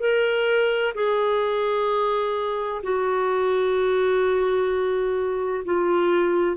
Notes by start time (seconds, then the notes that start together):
0.00 A#4
0.95 G#4
2.83 F#4
5.65 F4